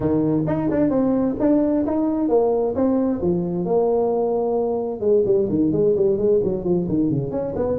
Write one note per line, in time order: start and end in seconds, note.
0.00 0.44 D#3
0.46 0.69 D#4
0.70 0.90 D4
0.90 1.35 C4
1.39 1.85 D4
1.85 2.28 D#4
2.28 2.74 A#3
2.75 3.21 C4
3.21 3.65 F3
3.65 5.00 A#3
5.00 5.23 G#3
5.25 5.48 G3
5.49 5.72 D#3
5.72 5.95 G#3
5.96 6.17 G3
6.17 6.40 G#3
6.43 6.64 F#3
6.64 6.87 F3
6.88 7.10 D#3
7.10 7.31 C#3
7.31 7.54 C#4
7.55 7.78 B3